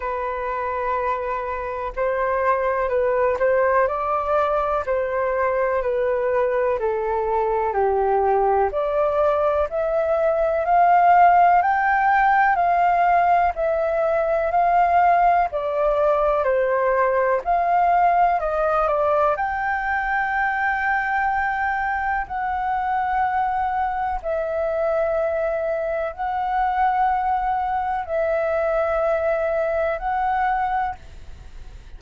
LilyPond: \new Staff \with { instrumentName = "flute" } { \time 4/4 \tempo 4 = 62 b'2 c''4 b'8 c''8 | d''4 c''4 b'4 a'4 | g'4 d''4 e''4 f''4 | g''4 f''4 e''4 f''4 |
d''4 c''4 f''4 dis''8 d''8 | g''2. fis''4~ | fis''4 e''2 fis''4~ | fis''4 e''2 fis''4 | }